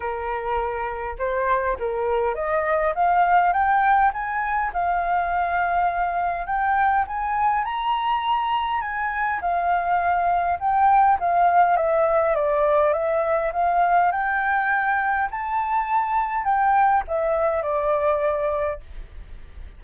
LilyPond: \new Staff \with { instrumentName = "flute" } { \time 4/4 \tempo 4 = 102 ais'2 c''4 ais'4 | dis''4 f''4 g''4 gis''4 | f''2. g''4 | gis''4 ais''2 gis''4 |
f''2 g''4 f''4 | e''4 d''4 e''4 f''4 | g''2 a''2 | g''4 e''4 d''2 | }